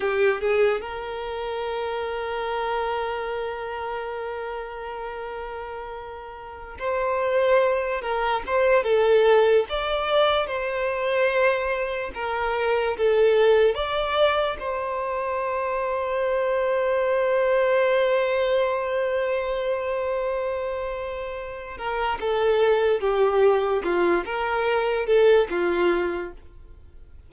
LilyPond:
\new Staff \with { instrumentName = "violin" } { \time 4/4 \tempo 4 = 73 g'8 gis'8 ais'2.~ | ais'1~ | ais'16 c''4. ais'8 c''8 a'4 d''16~ | d''8. c''2 ais'4 a'16~ |
a'8. d''4 c''2~ c''16~ | c''1~ | c''2~ c''8 ais'8 a'4 | g'4 f'8 ais'4 a'8 f'4 | }